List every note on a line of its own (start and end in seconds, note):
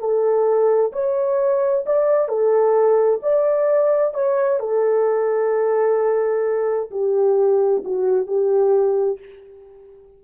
0.00 0.92 A4
0.93 1.85 C#5
1.87 2.29 D5
2.29 3.21 A4
3.23 4.15 D5
4.15 4.60 C#5
4.60 6.91 A4
6.91 7.84 G4
7.85 8.27 F#4
8.27 9.20 G4